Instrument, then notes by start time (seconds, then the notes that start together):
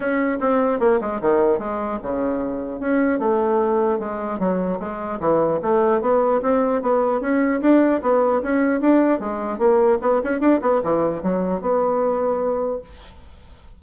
bassoon
0.00 C#4
0.40 C4
0.79 A#3
1.01 G#3
1.21 D#3
1.58 G#3
2.02 C#3
2.80 C#4
3.19 A3
3.99 G#3
4.39 F#3
4.79 G#3
5.20 E3
5.62 A3
6.01 B3
6.41 C4
6.82 B3
7.20 C#4
7.61 D4
8.02 B3
8.42 C#4
8.80 D4
9.19 G#3
9.58 A#3
10.01 B3
10.23 C#4
10.40 D4
10.61 B3
10.83 E3
11.22 F#3
11.61 B3